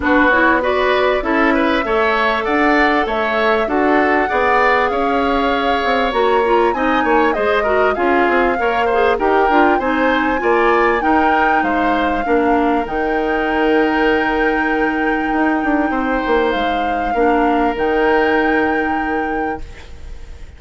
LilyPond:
<<
  \new Staff \with { instrumentName = "flute" } { \time 4/4 \tempo 4 = 98 b'8 cis''8 d''4 e''2 | fis''4 e''4 fis''2 | f''2 ais''4 gis''4 | dis''4 f''2 g''4 |
gis''2 g''4 f''4~ | f''4 g''2.~ | g''2. f''4~ | f''4 g''2. | }
  \new Staff \with { instrumentName = "oboe" } { \time 4/4 fis'4 b'4 a'8 b'8 cis''4 | d''4 cis''4 a'4 d''4 | cis''2. dis''8 cis''8 | c''8 ais'8 gis'4 cis''8 c''8 ais'4 |
c''4 d''4 ais'4 c''4 | ais'1~ | ais'2 c''2 | ais'1 | }
  \new Staff \with { instrumentName = "clarinet" } { \time 4/4 d'8 e'8 fis'4 e'4 a'4~ | a'2 fis'4 gis'4~ | gis'2 fis'8 f'8 dis'4 | gis'8 fis'8 f'4 ais'8 gis'8 g'8 f'8 |
dis'4 f'4 dis'2 | d'4 dis'2.~ | dis'1 | d'4 dis'2. | }
  \new Staff \with { instrumentName = "bassoon" } { \time 4/4 b2 cis'4 a4 | d'4 a4 d'4 b4 | cis'4. c'8 ais4 c'8 ais8 | gis4 cis'8 c'8 ais4 dis'8 d'8 |
c'4 ais4 dis'4 gis4 | ais4 dis2.~ | dis4 dis'8 d'8 c'8 ais8 gis4 | ais4 dis2. | }
>>